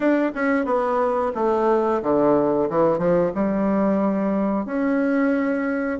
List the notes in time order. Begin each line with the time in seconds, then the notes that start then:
0.00 D4
0.34 C#4
0.65 B3
1.35 A3
2.02 D3
2.69 E3
2.98 F3
3.35 G3
4.65 C#4